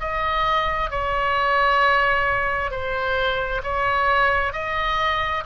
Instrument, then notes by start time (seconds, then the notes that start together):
oboe
0.00 D#5
0.90 C#5
2.71 C5
3.63 C#5
4.53 D#5